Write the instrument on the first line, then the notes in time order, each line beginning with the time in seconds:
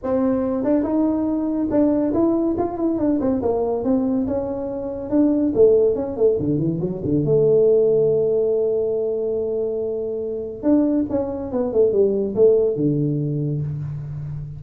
tuba
0.03 C4
0.64 D4
0.83 D#4
1.70 D4
2.13 E4
2.57 F4
2.77 E4
2.98 D4
3.20 C4
3.42 A#3
3.84 C4
4.27 C#4
5.10 D4
5.54 A3
5.95 C#4
6.16 A3
6.39 D3
6.58 E3
6.80 F#3
7.04 D3
7.24 A3
10.63 D4
11.09 C#4
11.51 B3
11.72 A3
11.92 G3
12.35 A3
12.76 D3